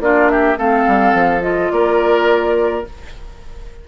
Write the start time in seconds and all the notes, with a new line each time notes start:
0.00 A#3 D4 F4 D5
0.29 G4 E5
0.57 A3 C4 A4 F5
0.87 G3
1.13 F3
1.41 F4 D#5
1.71 A#3 A#4 D5